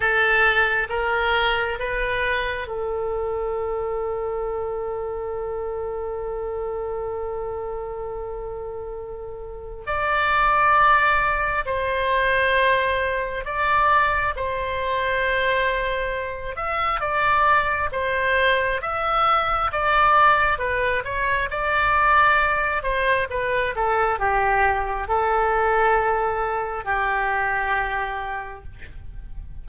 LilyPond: \new Staff \with { instrumentName = "oboe" } { \time 4/4 \tempo 4 = 67 a'4 ais'4 b'4 a'4~ | a'1~ | a'2. d''4~ | d''4 c''2 d''4 |
c''2~ c''8 e''8 d''4 | c''4 e''4 d''4 b'8 cis''8 | d''4. c''8 b'8 a'8 g'4 | a'2 g'2 | }